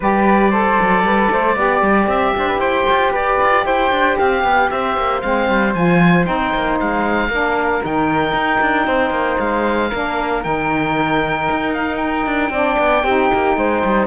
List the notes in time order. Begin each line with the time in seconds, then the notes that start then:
0.00 G3 G4 B4 D5
0.50 A4 C5
0.81 F#3
1.02 G3 B4
1.31 A3 C5
1.55 B3 G4 D5
1.81 G3
2.07 C4 E5
2.36 D4 C5
2.47 B4
2.58 E4 C5 G5
2.90 F4
3.11 G4 B4 D5
3.42 F4
3.65 E4 C5 G5
3.91 D4
4.17 C4 G4 F5
4.43 B3
4.70 C4 C5 E5
4.96 A#3
5.21 G#3 C4 F5
5.49 G3
5.74 F3 F4 G#5
6.24 C4 D#4 G5
6.54 A#3
6.80 G#3 F5
7.28 A#3 D4 A#4
7.81 D#3 D#4 G5
8.33 D#4
8.60 D4
8.87 C4 C5
9.10 A#3
9.39 G#3 F5
9.89 A#3 D4 A#4
10.42 D#3 D#4 G5
11.50 D#4
11.73 F5
11.96 G5
12.25 D4
12.49 C4 D4 D5
12.78 B3
13.03 C4 D#4 G4
13.33 A#3
13.57 G#3 C5
13.84 G3